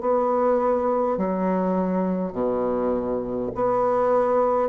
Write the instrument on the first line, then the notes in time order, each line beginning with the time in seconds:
bassoon
0.00 B3
1.17 F#3
2.32 B2
3.55 B3